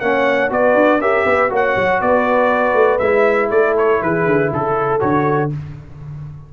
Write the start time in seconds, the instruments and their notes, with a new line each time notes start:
0.00 tuba A#3, trombone C#4, horn C#5, trumpet F#5
0.49 tuba B3, trombone F#4, horn B4, trumpet D5
0.74 tuba D4
0.99 tuba C#4, trombone G4, horn A#4, trumpet E5
1.25 tuba B3, horn B4
1.49 tuba A#3, trombone F#4, horn C#5
1.55 trumpet F#5
1.76 tuba F#3
2.01 tuba B3, horn B4, trumpet D5
2.74 tuba A3
2.98 tuba G#3, trombone E4, trumpet E5
3.51 tuba A3, horn A4, trumpet D5
3.77 trumpet C#5
4.01 tuba E3, horn G#4, trumpet B4
4.26 tuba D3
4.51 tuba C#3, horn A4, trumpet A4
4.99 tuba D3, trombone F#4, trumpet C#5